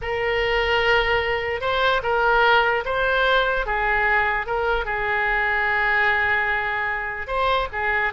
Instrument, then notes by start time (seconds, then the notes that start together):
oboe
0.01 A#4
1.61 C5
2.02 A#4
2.85 C5
3.66 G#4
4.46 A#4
4.85 G#4
7.27 C5
7.72 G#4